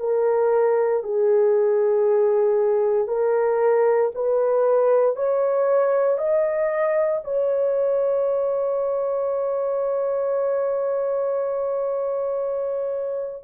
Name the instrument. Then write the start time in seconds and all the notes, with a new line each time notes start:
horn
0.00 A#4
1.03 G#4
3.08 A#4
4.15 B4
5.16 C#5
6.18 D#5
7.24 C#5